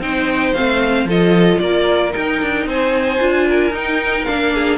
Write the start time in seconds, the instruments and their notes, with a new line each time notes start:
0.00 cello C4, viola D#4, violin C5 G5
0.54 cello A3, viola C4, violin F5
1.05 cello F3, viola F4, violin A4 D#5
1.60 cello A#3, violin A#4 D5
2.12 viola D#4, cello D#4, violin G5
2.42 cello D4
2.66 cello C4, violin C5 G#5
3.20 cello D4, viola F4
3.47 violin A#4
3.71 cello D#4, viola D#4, violin G5
4.25 cello A#3, viola D4, violin F5
4.54 violin G#4